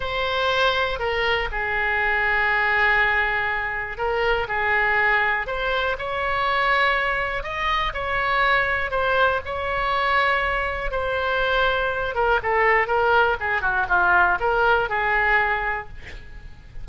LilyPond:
\new Staff \with { instrumentName = "oboe" } { \time 4/4 \tempo 4 = 121 c''2 ais'4 gis'4~ | gis'1 | ais'4 gis'2 c''4 | cis''2. dis''4 |
cis''2 c''4 cis''4~ | cis''2 c''2~ | c''8 ais'8 a'4 ais'4 gis'8 fis'8 | f'4 ais'4 gis'2 | }